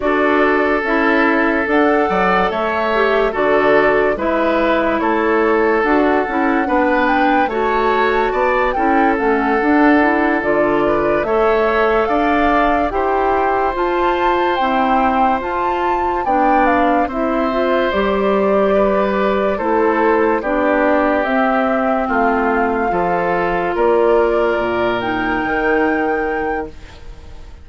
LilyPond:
<<
  \new Staff \with { instrumentName = "flute" } { \time 4/4 \tempo 4 = 72 d''4 e''4 fis''4 e''4 | d''4 e''4 cis''4 fis''4~ | fis''8 g''8 a''4. g''8 fis''4~ | fis''8 d''4 e''4 f''4 g''8~ |
g''8 a''4 g''4 a''4 g''8 | f''8 e''4 d''2 c''8~ | c''8 d''4 e''4 f''4.~ | f''8 d''4. g''2 | }
  \new Staff \with { instrumentName = "oboe" } { \time 4/4 a'2~ a'8 d''8 cis''4 | a'4 b'4 a'2 | b'4 cis''4 d''8 a'4.~ | a'4 b'8 cis''4 d''4 c''8~ |
c''2.~ c''8 d''8~ | d''8 c''2 b'4 a'8~ | a'8 g'2 f'4 a'8~ | a'8 ais'2.~ ais'8 | }
  \new Staff \with { instrumentName = "clarinet" } { \time 4/4 fis'4 e'4 a'4. g'8 | fis'4 e'2 fis'8 e'8 | d'4 fis'4. e'8 cis'8 d'8 | e'8 f'4 a'2 g'8~ |
g'8 f'4 c'4 f'4 d'8~ | d'8 e'8 f'8 g'2 e'8~ | e'8 d'4 c'2 f'8~ | f'2 dis'2 | }
  \new Staff \with { instrumentName = "bassoon" } { \time 4/4 d'4 cis'4 d'8 fis8 a4 | d4 gis4 a4 d'8 cis'8 | b4 a4 b8 cis'8 a8 d'8~ | d'8 d4 a4 d'4 e'8~ |
e'8 f'4 e'4 f'4 b8~ | b8 c'4 g2 a8~ | a8 b4 c'4 a4 f8~ | f8 ais4 ais,4 dis4. | }
>>